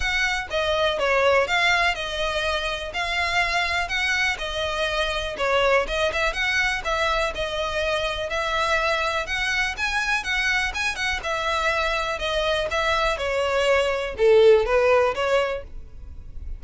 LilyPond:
\new Staff \with { instrumentName = "violin" } { \time 4/4 \tempo 4 = 123 fis''4 dis''4 cis''4 f''4 | dis''2 f''2 | fis''4 dis''2 cis''4 | dis''8 e''8 fis''4 e''4 dis''4~ |
dis''4 e''2 fis''4 | gis''4 fis''4 gis''8 fis''8 e''4~ | e''4 dis''4 e''4 cis''4~ | cis''4 a'4 b'4 cis''4 | }